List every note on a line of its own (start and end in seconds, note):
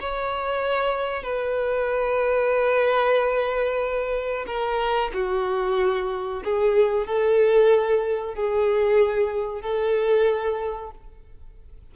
0.00 1.23 C#5
1.23 4.45 B4
4.46 5.11 A#4
5.14 6.43 F#4
6.44 7.07 G#4
7.07 8.35 A4
8.35 9.62 G#4
9.62 10.91 A4